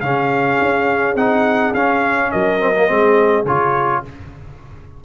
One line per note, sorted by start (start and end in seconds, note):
0.00 0.58 C#3
0.00 1.16 C#4
0.00 2.31 G#4
0.00 1.14 F5
0.61 1.15 C#4
1.15 1.72 C4
1.15 1.74 D#4
1.15 1.73 F#5
1.74 2.31 C#4
1.74 2.59 C#4
1.74 2.31 F5
2.31 2.90 F#3
2.31 2.87 A#4
2.31 3.45 D#5
2.59 2.73 C4
2.76 2.87 A#3
2.87 3.44 G#3
2.87 3.44 C4
2.87 4.01 G#4
3.44 4.01 C#3
3.44 4.04 F4
3.44 4.03 C#5